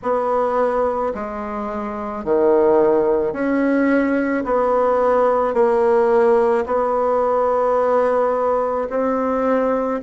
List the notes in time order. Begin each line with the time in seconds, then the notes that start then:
0.02 B3
1.14 G#3
2.24 D#3
3.32 C#4
4.44 B3
5.54 A#3
6.66 B3
8.89 C4